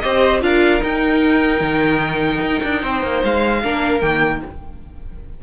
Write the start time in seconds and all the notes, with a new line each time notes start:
0.00 C4 G4 C5 D#5
0.41 D4 F4 A#4 F5
0.80 D#4 G5
1.60 D#3
2.41 D#4
2.63 D4
2.82 C4 C5
3.03 A#3
3.24 G#3 F5
3.63 A#3 D4 A#4
4.01 D#3 A#3 G5